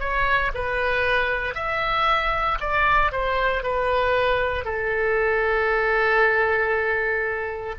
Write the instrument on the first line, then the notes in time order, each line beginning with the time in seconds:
oboe
0.00 C#5
0.54 B4
1.55 E5
2.60 D5
3.12 C5
3.63 B4
4.65 A4